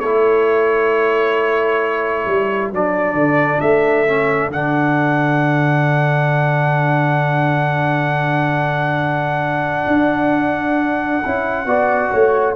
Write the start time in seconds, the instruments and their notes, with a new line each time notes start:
0.00 tuba A3, trombone E4, horn A4, trumpet C#5
2.26 tuba G3
2.71 tuba F#3, trombone D4, trumpet D5
3.13 tuba D3
3.60 tuba A3, trumpet E5
4.07 trombone C#4
4.48 tuba D3, trombone D4, trumpet F#5
9.87 tuba D4
11.24 tuba C#4, trombone E4
11.65 tuba B3, trombone F#4, horn D5
12.12 tuba A3, horn C#5